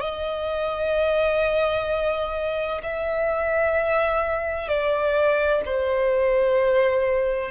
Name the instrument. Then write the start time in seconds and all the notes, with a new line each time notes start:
violin
0.00 D#5
2.83 E5
4.67 D5
5.65 C5